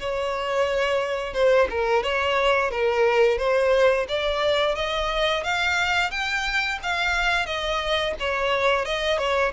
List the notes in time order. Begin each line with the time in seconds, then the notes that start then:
0.00 C#5
1.34 C5
1.70 A#4
2.03 C#5
2.71 A#4
3.38 C5
4.08 D5
4.75 D#5
5.44 F5
6.11 G5
6.83 F5
7.46 D#5
8.20 C#5
8.85 D#5
9.18 C#5